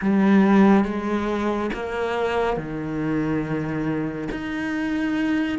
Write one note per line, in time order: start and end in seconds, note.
0.01 0.84 G3
0.84 1.70 G#3
1.73 2.56 A#3
2.56 4.28 D#3
4.31 5.58 D#4